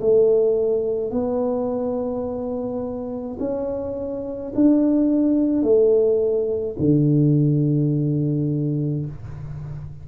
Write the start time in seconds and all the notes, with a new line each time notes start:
0.00 A3
1.11 B3
3.39 C#4
4.54 D4
5.62 A3
6.79 D3